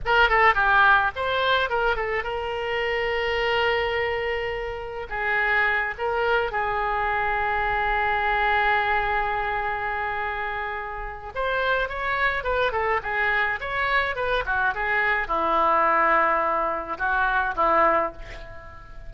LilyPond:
\new Staff \with { instrumentName = "oboe" } { \time 4/4 \tempo 4 = 106 ais'8 a'8 g'4 c''4 ais'8 a'8 | ais'1~ | ais'4 gis'4. ais'4 gis'8~ | gis'1~ |
gis'1 | c''4 cis''4 b'8 a'8 gis'4 | cis''4 b'8 fis'8 gis'4 e'4~ | e'2 fis'4 e'4 | }